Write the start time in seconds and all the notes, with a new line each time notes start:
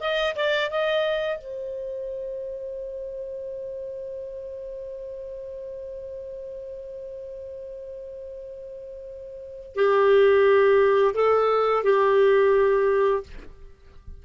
0.00 D#5
0.36 D5
0.70 D#5
1.38 C5
9.75 G4
11.14 A4
11.84 G4